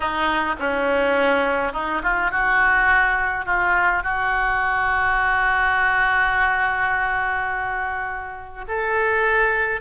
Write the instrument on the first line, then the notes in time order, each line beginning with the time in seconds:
oboe
0.00 D#4
0.59 C#4
1.73 D#4
2.02 F4
2.31 F#4
3.45 F4
4.03 F#4
8.68 A4